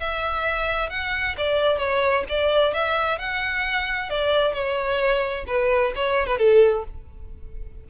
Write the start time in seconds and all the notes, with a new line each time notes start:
0.00 E5
0.90 F#5
1.38 D5
1.79 C#5
2.29 D5
2.74 E5
3.19 F#5
4.10 D5
4.54 C#5
5.48 B4
5.96 C#5
6.27 B4
6.39 A4